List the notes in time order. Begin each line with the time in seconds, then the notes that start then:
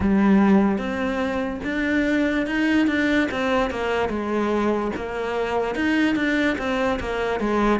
0.00 G3
0.78 C4
1.64 D4
2.46 D#4
2.87 D4
3.31 C4
3.70 A#3
4.09 G#3
4.95 A#3
5.75 D#4
6.15 D4
6.58 C4
6.99 A#3
7.40 G#3